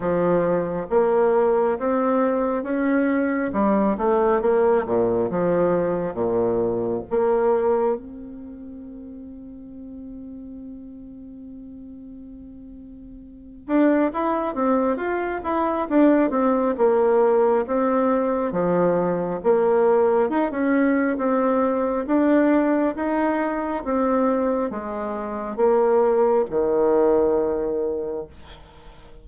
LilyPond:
\new Staff \with { instrumentName = "bassoon" } { \time 4/4 \tempo 4 = 68 f4 ais4 c'4 cis'4 | g8 a8 ais8 ais,8 f4 ais,4 | ais4 c'2.~ | c'2.~ c'8 d'8 |
e'8 c'8 f'8 e'8 d'8 c'8 ais4 | c'4 f4 ais4 dis'16 cis'8. | c'4 d'4 dis'4 c'4 | gis4 ais4 dis2 | }